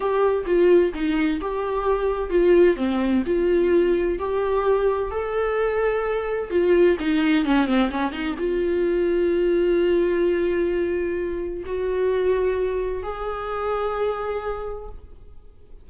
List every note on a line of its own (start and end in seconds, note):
0.00 0.45 G4
0.46 0.92 F4
0.93 1.40 D#4
1.40 2.30 G4
2.30 2.76 F4
2.76 3.23 C4
3.26 4.18 F4
4.18 5.10 G4
5.10 6.50 A4
6.50 6.97 F4
6.99 7.45 D#4
7.45 7.66 C#4
7.66 7.89 C4
7.90 8.12 C#4
8.12 8.35 D#4
8.38 11.64 F4
11.65 13.02 F#4
13.02 14.88 G#4